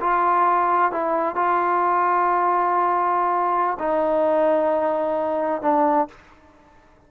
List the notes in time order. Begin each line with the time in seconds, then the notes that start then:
0.00 F4
0.92 E4
1.35 F4
3.79 D#4
5.61 D4